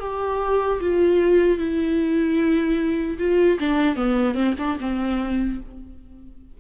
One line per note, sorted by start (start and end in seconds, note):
0.00 0.80 G4
0.81 1.58 F4
1.58 3.18 E4
3.19 3.59 F4
3.60 3.96 D4
3.96 4.35 B3
4.35 4.55 C4
4.59 4.79 D4
4.80 5.60 C4